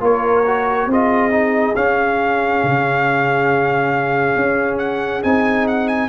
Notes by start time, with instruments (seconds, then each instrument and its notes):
0.00 tuba A#3, trombone F4, horn A#4, trumpet C#5
0.46 trombone F#4
0.87 tuba C4, trombone F4, horn G#4, trumpet D#5
1.31 trombone D#4
1.76 tuba C#4, trombone C#4, trumpet F5
2.63 tuba C#3
4.36 tuba C#4
4.78 trumpet F#5
5.23 tuba C4, trombone D#4, trumpet G#5
5.67 trumpet F#5
5.88 trumpet G#5